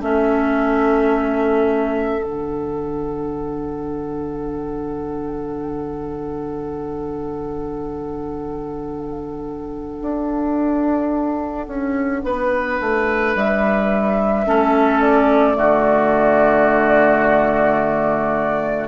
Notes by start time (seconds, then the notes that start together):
0.00 A3 C#4 A4 E5
2.22 D3 D4 F#5
10.01 D4
11.67 C#4
12.23 B3 B4
12.80 A3
13.35 G3 E5
14.46 A3 C#4 A4
15.00 D5
15.54 D3 A3 F#4